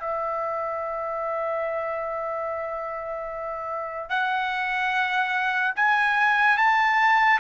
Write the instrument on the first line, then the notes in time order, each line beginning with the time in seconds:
trumpet
0.00 E5
4.09 F#5
5.76 G#5
6.58 A5